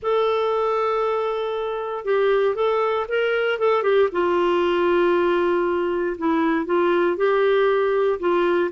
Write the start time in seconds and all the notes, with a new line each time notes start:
0.02 A4
2.05 G4
2.55 A4
3.08 A#4
3.59 A4
3.83 G4
4.11 F4
6.17 E4
6.65 F4
7.16 G4
8.19 F4